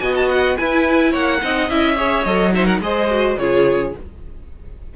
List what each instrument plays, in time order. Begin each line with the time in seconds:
0.00 cello B3, viola F#4, violin D#5 G#5
0.15 violin A5
0.30 violin F#5
0.57 viola E4, cello E4, violin B4 G#5
1.11 cello A#3, violin C#5 F#5
1.41 cello C4, viola D#4, violin D#5
1.70 cello C#4, viola E4, violin E5
1.96 viola G#4, violin C#5
2.24 cello F#3, viola A4, violin D#5
2.53 viola D#4, violin C5 E5
2.66 violin A#4 F#5
2.80 cello G#3, viola G#4, violin C5 D#5
3.10 viola F#4
3.38 cello C#3, viola F4, violin G#4 C#5